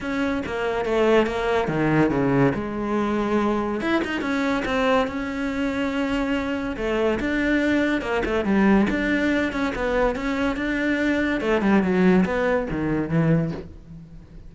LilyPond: \new Staff \with { instrumentName = "cello" } { \time 4/4 \tempo 4 = 142 cis'4 ais4 a4 ais4 | dis4 cis4 gis2~ | gis4 e'8 dis'8 cis'4 c'4 | cis'1 |
a4 d'2 ais8 a8 | g4 d'4. cis'8 b4 | cis'4 d'2 a8 g8 | fis4 b4 dis4 e4 | }